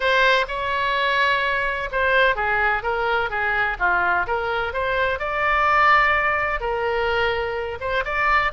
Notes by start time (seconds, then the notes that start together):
0.00 C5
0.47 C#5
1.91 C5
2.35 G#4
2.83 A#4
3.29 G#4
3.79 F4
4.26 A#4
4.73 C5
5.19 D5
6.60 A#4
7.80 C5
8.04 D5